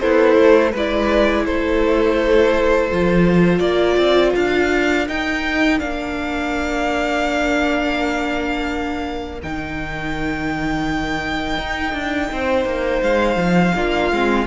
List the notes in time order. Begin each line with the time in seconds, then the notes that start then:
0.00 B3 E4 A4 C5
0.37 A3
0.71 G#3 E4 B4 D5
1.45 A3 A4 C5
2.90 F3 F4
3.59 A#3 A#4 D5
3.97 C4
4.35 D4 F5
5.07 D#4 G5
5.78 A#3 D4 F5
9.42 D#3 D#4 G5
11.58 D#4
11.93 D4
12.32 C4 C5
12.65 A#3
13.02 G#3 F5
13.36 F3
13.74 A#3 D4 F4
14.11 G#3 C4